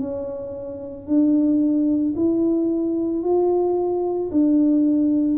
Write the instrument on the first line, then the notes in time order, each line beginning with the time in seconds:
tuba
0.00 C#4
1.07 D4
2.16 E4
3.23 F4
4.31 D4